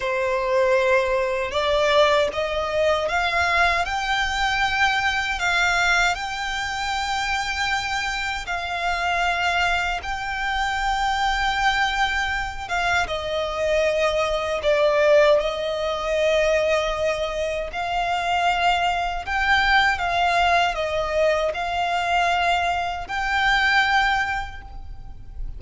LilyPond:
\new Staff \with { instrumentName = "violin" } { \time 4/4 \tempo 4 = 78 c''2 d''4 dis''4 | f''4 g''2 f''4 | g''2. f''4~ | f''4 g''2.~ |
g''8 f''8 dis''2 d''4 | dis''2. f''4~ | f''4 g''4 f''4 dis''4 | f''2 g''2 | }